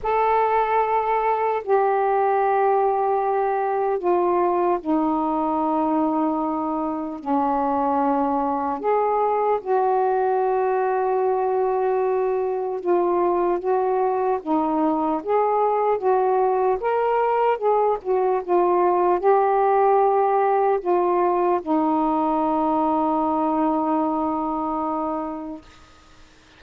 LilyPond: \new Staff \with { instrumentName = "saxophone" } { \time 4/4 \tempo 4 = 75 a'2 g'2~ | g'4 f'4 dis'2~ | dis'4 cis'2 gis'4 | fis'1 |
f'4 fis'4 dis'4 gis'4 | fis'4 ais'4 gis'8 fis'8 f'4 | g'2 f'4 dis'4~ | dis'1 | }